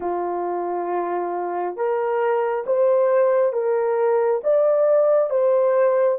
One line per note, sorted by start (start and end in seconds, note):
0.00 1.76 F4
1.76 2.64 A#4
2.66 3.53 C5
3.53 4.41 A#4
4.43 5.30 D5
5.30 6.18 C5